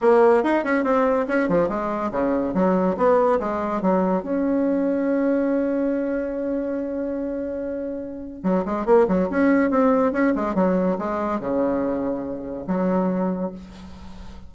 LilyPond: \new Staff \with { instrumentName = "bassoon" } { \time 4/4 \tempo 4 = 142 ais4 dis'8 cis'8 c'4 cis'8 f8 | gis4 cis4 fis4 b4 | gis4 fis4 cis'2~ | cis'1~ |
cis'1 | fis8 gis8 ais8 fis8 cis'4 c'4 | cis'8 gis8 fis4 gis4 cis4~ | cis2 fis2 | }